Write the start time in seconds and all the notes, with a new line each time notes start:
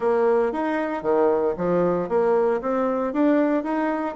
0.00 A#3
0.52 D#4
1.02 D#3
1.57 F3
2.08 A#3
2.61 C4
3.13 D4
3.63 D#4